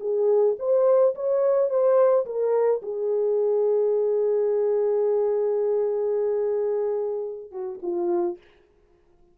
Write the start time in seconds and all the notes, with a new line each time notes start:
0.00 G#4
0.59 C5
1.15 C#5
1.70 C5
2.26 A#4
2.82 G#4
7.51 F#4
7.82 F4